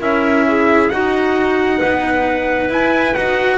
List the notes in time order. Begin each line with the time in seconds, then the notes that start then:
0.00 C#4 E4 A#4 E5
0.48 G#4
0.90 D#4 F#4 F#5
1.78 B3 B4
2.70 E4 G#5
3.15 D#4 F#4 F#5